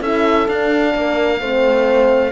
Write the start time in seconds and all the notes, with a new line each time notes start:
0.00 C#4 E4 A4 E5
0.48 D4 F5
0.94 A#3 A#4
1.40 A3 C4 C5